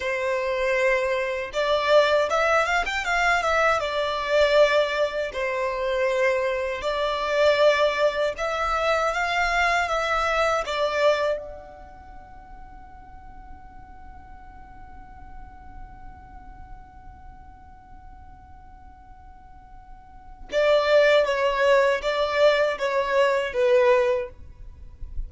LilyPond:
\new Staff \with { instrumentName = "violin" } { \time 4/4 \tempo 4 = 79 c''2 d''4 e''8 f''16 g''16 | f''8 e''8 d''2 c''4~ | c''4 d''2 e''4 | f''4 e''4 d''4 fis''4~ |
fis''1~ | fis''1~ | fis''2. d''4 | cis''4 d''4 cis''4 b'4 | }